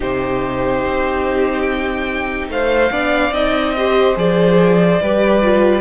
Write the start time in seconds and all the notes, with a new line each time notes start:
0.00 C3 D#4 G4 C5
0.85 C4
1.62 G5
2.48 A3 C5 F5
2.91 B3 D4 D5
3.31 C4 D#4 D#5
3.77 G4 C5
4.16 F3 G#4 D5
5.01 G3 G4 B4
5.42 F4